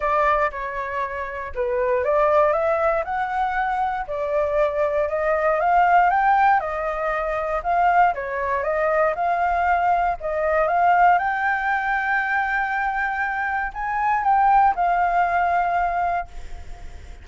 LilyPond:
\new Staff \with { instrumentName = "flute" } { \time 4/4 \tempo 4 = 118 d''4 cis''2 b'4 | d''4 e''4 fis''2 | d''2 dis''4 f''4 | g''4 dis''2 f''4 |
cis''4 dis''4 f''2 | dis''4 f''4 g''2~ | g''2. gis''4 | g''4 f''2. | }